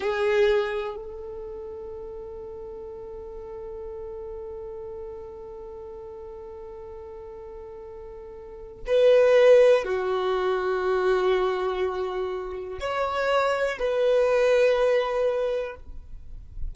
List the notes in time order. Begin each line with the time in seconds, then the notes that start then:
0.00 G#4
0.96 A4
8.87 B4
9.84 F#4
12.80 C#5
13.79 B4